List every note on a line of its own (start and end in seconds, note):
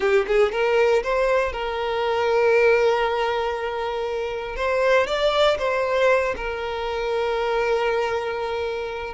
0.00 0.25 G4
0.27 0.52 G#4
0.52 1.03 A#4
1.03 1.52 C5
1.52 4.56 A#4
4.56 5.06 C5
5.06 5.57 D5
5.58 6.34 C5
6.36 9.14 A#4